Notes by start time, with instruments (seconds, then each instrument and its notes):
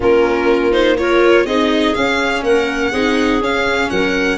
0.00 tuba A#3, viola C#4, clarinet F4, violin A#4
0.71 viola D#4, violin C5
0.97 viola F4, clarinet A#4, violin C#5
1.45 tuba C4, viola D#4, clarinet G#4, violin D#5
1.94 viola C#4, tuba C#4, violin F5
2.42 tuba A#3, clarinet A#4, violin F#5
2.91 tuba C4, viola D#4, clarinet G#4
3.41 tuba C#4, viola C#4, violin F5
3.90 tuba F#3, clarinet A#4, violin F#5